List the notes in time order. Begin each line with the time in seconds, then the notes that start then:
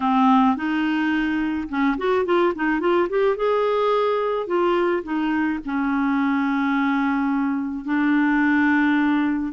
0.00 C4
0.56 D#4
1.68 C#4
1.97 F#4
2.25 F4
2.55 D#4
2.80 F4
3.09 G4
3.36 G#4
4.46 F4
5.03 D#4
5.65 C#4
7.84 D4